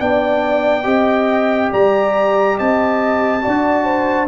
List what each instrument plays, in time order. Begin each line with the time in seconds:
0.00 tuba B3, trombone D4, horn D5, trumpet G5
0.83 tuba C4, trombone G4, horn D#5
1.71 tuba G3, horn D5, trumpet A#5
2.57 tuba C4, horn D#5, trumpet A5
3.41 tuba D4, trombone F#4, horn D5
3.85 horn C5